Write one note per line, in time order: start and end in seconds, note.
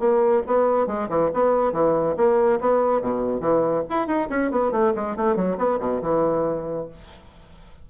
0.00 0.43 A#3
0.47 0.87 B3
0.87 1.09 G#3
1.09 1.31 E3
1.34 1.73 B3
1.73 2.15 E3
2.17 2.60 A#3
2.61 3.02 B3
3.02 3.41 B2
3.41 3.83 E3
3.90 4.07 E4
4.07 4.29 D#4
4.30 4.51 C#4
4.52 4.72 B3
4.72 4.93 A3
4.96 5.17 G#3
5.17 5.36 A3
5.36 5.58 F#3
5.58 5.80 B3
5.80 6.01 B2
6.02 6.88 E3